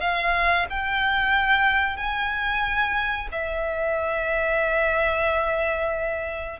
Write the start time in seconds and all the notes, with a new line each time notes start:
0.00 F5
0.70 G5
1.96 G#5
3.31 E5